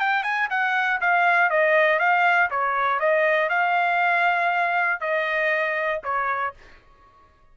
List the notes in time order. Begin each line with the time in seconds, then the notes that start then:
0.00 G5
0.23 G#5
0.50 F#5
1.01 F5
1.50 D#5
1.99 F5
2.51 C#5
3.00 D#5
3.49 F5
5.01 D#5
6.04 C#5